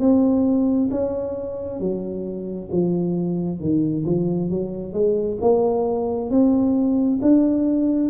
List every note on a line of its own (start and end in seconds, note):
0.00 0.90 C4
0.91 1.80 C#4
1.80 2.70 F#3
2.72 3.60 F3
3.60 4.05 D#3
4.06 4.51 F3
4.51 4.93 F#3
4.93 5.38 G#3
5.41 6.31 A#3
6.31 7.20 C4
7.22 8.10 D4